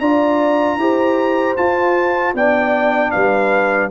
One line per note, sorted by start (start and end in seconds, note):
0.00 0.78 D4
0.00 0.80 F4
0.00 0.79 D5
0.00 1.56 A#5
0.78 1.56 E4
0.78 1.57 G4
0.78 2.37 C5
1.57 2.35 F4
1.57 2.34 F4
1.57 2.35 A5
2.34 3.12 B3
2.34 3.91 D4
2.34 3.13 D5
2.34 3.12 G5
3.12 3.91 G3
3.12 3.91 B4
3.12 3.89 F5